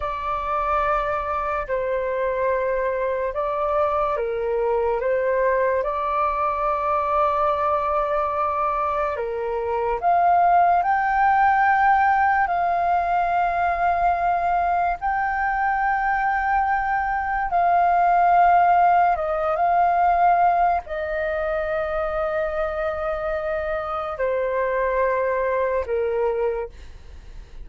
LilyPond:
\new Staff \with { instrumentName = "flute" } { \time 4/4 \tempo 4 = 72 d''2 c''2 | d''4 ais'4 c''4 d''4~ | d''2. ais'4 | f''4 g''2 f''4~ |
f''2 g''2~ | g''4 f''2 dis''8 f''8~ | f''4 dis''2.~ | dis''4 c''2 ais'4 | }